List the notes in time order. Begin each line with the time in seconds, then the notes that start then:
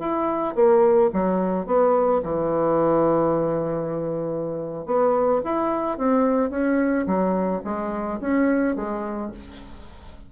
0.00 E4
0.55 A#3
1.13 F#3
1.66 B3
2.23 E3
4.86 B3
5.44 E4
5.98 C4
6.51 C#4
7.07 F#3
7.65 G#3
8.21 C#4
8.76 G#3